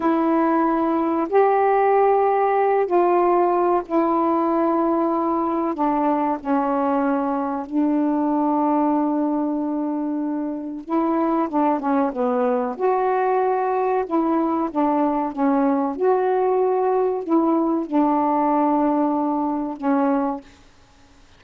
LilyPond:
\new Staff \with { instrumentName = "saxophone" } { \time 4/4 \tempo 4 = 94 e'2 g'2~ | g'8 f'4. e'2~ | e'4 d'4 cis'2 | d'1~ |
d'4 e'4 d'8 cis'8 b4 | fis'2 e'4 d'4 | cis'4 fis'2 e'4 | d'2. cis'4 | }